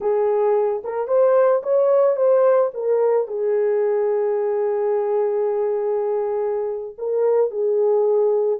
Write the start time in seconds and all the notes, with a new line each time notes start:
0.00 G#4
0.84 A#4
1.07 C5
1.62 C#5
2.16 C5
2.73 A#4
3.27 G#4
6.98 A#4
7.50 G#4